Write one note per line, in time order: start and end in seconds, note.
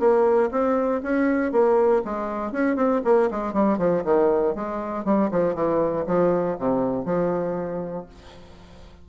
0.00 0.50 A#3
0.51 1.02 C4
1.03 1.52 C#4
1.52 2.03 A#3
2.05 2.52 G#3
2.52 2.76 C#4
2.76 3.01 C4
3.05 3.30 A#3
3.31 3.53 G#3
3.53 3.78 G3
3.78 4.03 F3
4.05 4.55 D#3
4.55 5.05 G#3
5.05 5.30 G3
5.31 5.55 F3
5.55 6.05 E3
6.07 6.57 F3
6.59 7.06 C3
7.06 8.06 F3